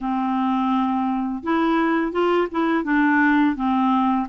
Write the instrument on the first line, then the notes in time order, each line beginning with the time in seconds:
clarinet
0.00 C4
1.43 E4
2.11 F4
2.51 E4
2.84 D4
3.55 C4